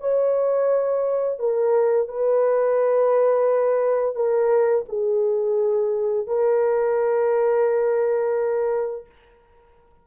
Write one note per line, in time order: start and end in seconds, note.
0.00 1.39 C#5
1.39 2.08 A#4
2.08 4.15 B4
4.15 4.85 A#4
4.88 6.27 G#4
6.27 9.06 A#4